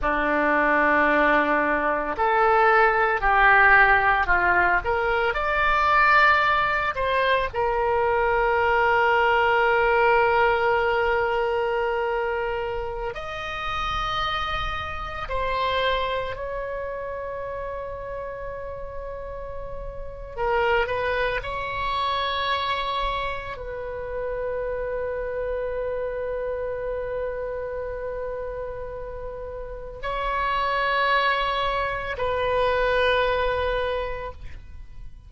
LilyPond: \new Staff \with { instrumentName = "oboe" } { \time 4/4 \tempo 4 = 56 d'2 a'4 g'4 | f'8 ais'8 d''4. c''8 ais'4~ | ais'1~ | ais'16 dis''2 c''4 cis''8.~ |
cis''2. ais'8 b'8 | cis''2 b'2~ | b'1 | cis''2 b'2 | }